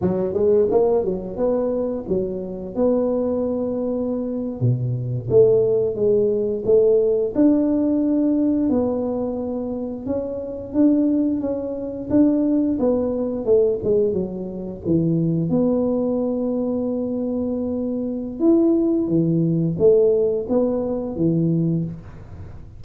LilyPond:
\new Staff \with { instrumentName = "tuba" } { \time 4/4 \tempo 4 = 88 fis8 gis8 ais8 fis8 b4 fis4 | b2~ b8. b,4 a16~ | a8. gis4 a4 d'4~ d'16~ | d'8. b2 cis'4 d'16~ |
d'8. cis'4 d'4 b4 a16~ | a16 gis8 fis4 e4 b4~ b16~ | b2. e'4 | e4 a4 b4 e4 | }